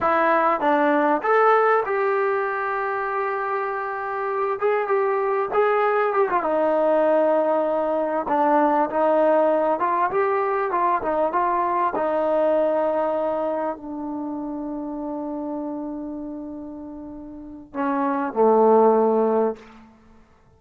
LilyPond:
\new Staff \with { instrumentName = "trombone" } { \time 4/4 \tempo 4 = 98 e'4 d'4 a'4 g'4~ | g'2.~ g'8 gis'8 | g'4 gis'4 g'16 f'16 dis'4.~ | dis'4. d'4 dis'4. |
f'8 g'4 f'8 dis'8 f'4 dis'8~ | dis'2~ dis'8 d'4.~ | d'1~ | d'4 cis'4 a2 | }